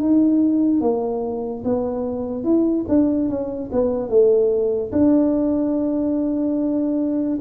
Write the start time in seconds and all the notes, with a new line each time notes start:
0.00 D#4
0.81 A#3
1.65 B3
2.44 E4
2.89 D4
3.29 C#4
3.72 B3
4.09 A3
4.92 D4